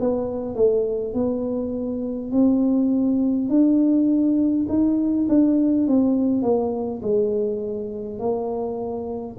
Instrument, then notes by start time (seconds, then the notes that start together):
tuba
0.00 B3
0.55 A3
1.14 B3
2.32 C4
3.49 D4
4.68 D#4
5.29 D4
5.87 C4
6.42 A#3
7.02 G#3
8.19 A#3